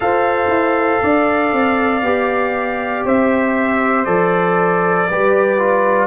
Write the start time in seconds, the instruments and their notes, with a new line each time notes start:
0.00 tuba F4, trombone A4, horn C5, trumpet F5
0.47 tuba E4
1.02 tuba D4, horn D5
1.53 tuba C4
2.02 tuba B3, trombone G4
3.05 tuba C4, horn C5, trumpet E5
4.04 tuba F3, trombone A4, trumpet D5
5.09 tuba G3, trombone G4, horn B4
5.58 trombone F4